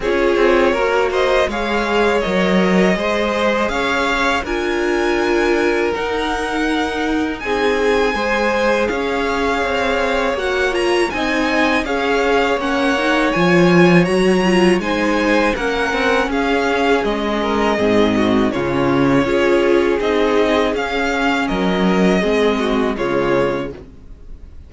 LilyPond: <<
  \new Staff \with { instrumentName = "violin" } { \time 4/4 \tempo 4 = 81 cis''4. dis''8 f''4 dis''4~ | dis''4 f''4 gis''2 | fis''2 gis''2 | f''2 fis''8 ais''8 gis''4 |
f''4 fis''4 gis''4 ais''4 | gis''4 fis''4 f''4 dis''4~ | dis''4 cis''2 dis''4 | f''4 dis''2 cis''4 | }
  \new Staff \with { instrumentName = "violin" } { \time 4/4 gis'4 ais'8 c''8 cis''2 | c''4 cis''4 ais'2~ | ais'2 gis'4 c''4 | cis''2. dis''4 |
cis''1 | c''4 ais'4 gis'4. ais'8 | gis'8 fis'8 f'4 gis'2~ | gis'4 ais'4 gis'8 fis'8 f'4 | }
  \new Staff \with { instrumentName = "viola" } { \time 4/4 f'4 fis'4 gis'4 ais'4 | gis'2 f'2 | dis'2. gis'4~ | gis'2 fis'8 f'8 dis'4 |
gis'4 cis'8 dis'8 f'4 fis'8 f'8 | dis'4 cis'2. | c'4 cis'4 f'4 dis'4 | cis'2 c'4 gis4 | }
  \new Staff \with { instrumentName = "cello" } { \time 4/4 cis'8 c'8 ais4 gis4 fis4 | gis4 cis'4 d'2 | dis'2 c'4 gis4 | cis'4 c'4 ais4 c'4 |
cis'4 ais4 f4 fis4 | gis4 ais8 c'8 cis'4 gis4 | gis,4 cis4 cis'4 c'4 | cis'4 fis4 gis4 cis4 | }
>>